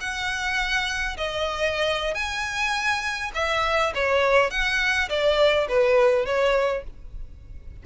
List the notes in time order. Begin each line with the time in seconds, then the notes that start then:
0.00 F#5
1.17 D#5
2.14 G#5
3.34 E5
3.95 C#5
4.50 F#5
5.09 D5
5.68 B4
6.25 C#5